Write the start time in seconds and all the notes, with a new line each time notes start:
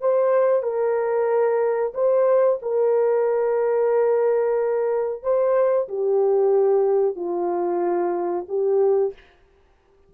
0.00 C5
0.62 A#4
1.94 C5
2.62 A#4
5.22 C5
5.88 G4
7.15 F4
8.48 G4